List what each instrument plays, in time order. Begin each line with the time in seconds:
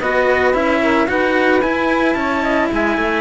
0.00 cello B3 F#4, saxophone B4, trumpet D#5
0.53 cello C#4 E4, trumpet E5
0.82 saxophone A#4
1.07 cello D#4 F#4, saxophone B4, trumpet F#5
1.62 cello E4, trumpet G#5
2.14 cello C#4, saxophone C#5, trumpet A5
2.43 saxophone D#5
2.72 cello G#3, saxophone E5, trumpet G#5
2.97 cello A3